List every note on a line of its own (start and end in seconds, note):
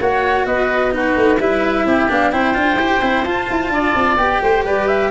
0.00 0.46 A#3
0.00 0.91 F#4
0.00 0.47 C#5
0.00 0.46 F#5
0.46 1.15 B3
0.46 0.94 B4
0.46 0.93 D#5
0.91 1.38 D#4
0.91 1.40 F#4
0.91 1.40 B4
1.16 1.39 A3
1.39 1.86 G3
1.39 2.09 E4
1.39 1.86 B4
1.39 2.10 E5
1.86 2.09 C4
1.86 2.33 G4
2.09 2.33 B3
2.09 2.32 D4
2.09 2.31 F5
2.31 2.55 C4
2.31 2.54 E4
2.31 3.73 C5
2.31 3.24 G5
2.54 2.75 D4
2.54 2.78 F4
2.75 2.98 E4
2.75 3.02 G4
3.02 3.25 C4
3.02 3.25 E4
3.24 3.48 F4
3.24 4.18 F4
3.24 4.17 A5
3.50 3.70 E4
3.70 3.93 D4
3.70 4.43 D5
3.95 4.17 C4
4.17 4.40 B3
4.17 5.11 G4
4.17 4.64 G5
4.42 4.65 A3
4.42 4.65 C5
4.65 5.11 G3
4.65 5.11 B4
4.65 4.88 D5
4.88 5.11 E5